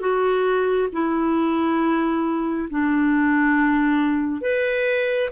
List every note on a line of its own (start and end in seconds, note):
0.00 0.88 F#4
0.92 2.69 E4
2.70 4.41 D4
4.41 5.29 B4